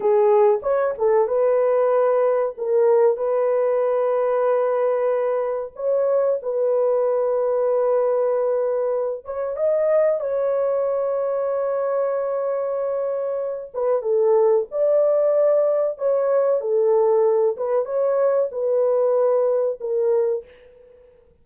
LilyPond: \new Staff \with { instrumentName = "horn" } { \time 4/4 \tempo 4 = 94 gis'4 cis''8 a'8 b'2 | ais'4 b'2.~ | b'4 cis''4 b'2~ | b'2~ b'8 cis''8 dis''4 |
cis''1~ | cis''4. b'8 a'4 d''4~ | d''4 cis''4 a'4. b'8 | cis''4 b'2 ais'4 | }